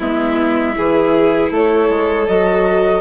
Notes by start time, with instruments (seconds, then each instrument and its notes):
0.00 bassoon G#3, viola B3, violin E4, flute E5
0.74 bassoon E3, viola E4, violin G#4
1.51 bassoon A3, violin A4, flute C#5
1.90 bassoon G#3
2.27 bassoon F#3, viola F#4, flute D#5